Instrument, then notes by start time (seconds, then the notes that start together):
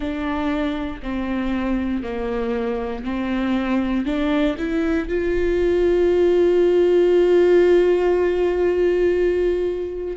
viola
0.00 D4
1.02 C4
2.02 A#3
3.04 C4
4.05 D4
4.58 E4
5.08 F4